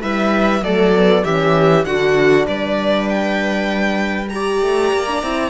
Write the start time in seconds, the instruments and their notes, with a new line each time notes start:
0.00 cello G3, horn E4, viola B4, violin E5
0.62 cello F#3, horn A3, viola A4, violin D5
0.95 horn B3
1.24 cello E3, horn C#4, viola G4, violin E5
1.84 cello D3, horn D4, viola F#4, violin F#5
2.46 cello G3, viola B4, violin D5
3.09 violin G5
4.29 horn G4, viola D5, violin A#5
4.62 cello A3
4.93 cello A#3
5.08 horn D4
5.23 cello C4, horn E4